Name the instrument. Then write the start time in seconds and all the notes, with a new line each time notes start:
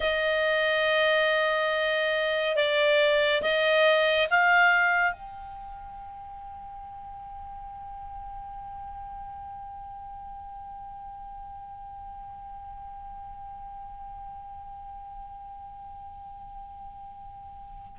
clarinet
0.00 D#5
2.56 D5
3.42 D#5
4.30 F5
5.12 G5